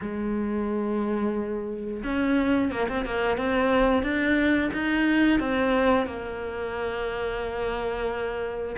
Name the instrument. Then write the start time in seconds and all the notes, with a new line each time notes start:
cello
0.01 G#3
2.03 C#4
2.71 A#3
2.88 C4
3.05 A#3
3.37 C4
4.03 D4
4.73 D#4
5.39 C4
6.06 A#3